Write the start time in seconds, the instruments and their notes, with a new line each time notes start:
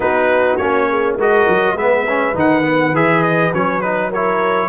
0.00 tuba B3, trombone D#4, horn F#4, trumpet B4
0.56 tuba A#3, trombone C#4, trumpet C#5
0.89 horn G#4
1.16 tuba G#3, trombone F#4, horn A#4, trumpet D#5
1.48 tuba F#3
1.75 tuba G#3, trombone B3, horn B4, trumpet E5
2.08 trombone C#4
2.34 tuba D#3, trombone D#4, trumpet F#5
2.62 trombone B3
2.93 tuba E3, trombone G#4, trumpet E5
3.23 trumpet D#5
3.53 tuba F#3, trombone C#4, trumpet C#5
3.81 trombone D#4, trumpet B4
4.09 trombone E4, horn A#4, trumpet C#5